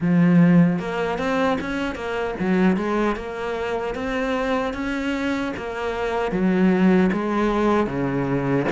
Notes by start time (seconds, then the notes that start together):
0.00 F3
0.79 A#3
1.18 C4
1.60 C#4
1.95 A#3
2.39 F#3
2.76 G#3
3.15 A#3
3.94 C4
4.73 C#4
5.57 A#3
6.31 F#3
7.12 G#3
7.87 C#3